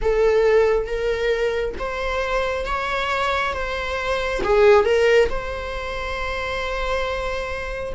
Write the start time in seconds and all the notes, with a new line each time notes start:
0.01 A4
0.86 A#4
1.78 C5
2.65 C#5
3.53 C5
4.44 G#4
4.84 A#4
5.29 C5